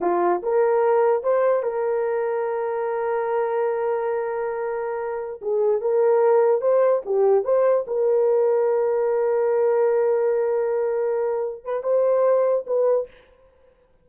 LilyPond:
\new Staff \with { instrumentName = "horn" } { \time 4/4 \tempo 4 = 147 f'4 ais'2 c''4 | ais'1~ | ais'1~ | ais'4~ ais'16 gis'4 ais'4.~ ais'16~ |
ais'16 c''4 g'4 c''4 ais'8.~ | ais'1~ | ais'1~ | ais'8 b'8 c''2 b'4 | }